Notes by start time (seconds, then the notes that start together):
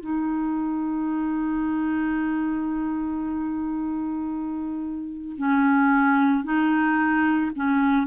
0.00 D#4
5.37 C#4
6.44 D#4
7.55 C#4